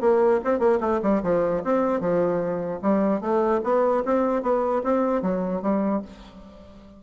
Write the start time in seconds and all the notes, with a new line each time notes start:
0.00 A#3
0.44 C4
0.59 A#3
0.80 A3
1.02 G3
1.23 F3
1.64 C4
2.00 F3
2.82 G3
3.21 A3
3.63 B3
4.05 C4
4.42 B3
4.83 C4
5.22 F#3
5.62 G3